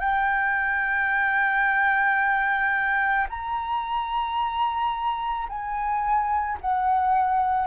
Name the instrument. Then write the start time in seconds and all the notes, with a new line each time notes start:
flute
0.00 G5
3.30 A#5
5.49 G#5
6.61 F#5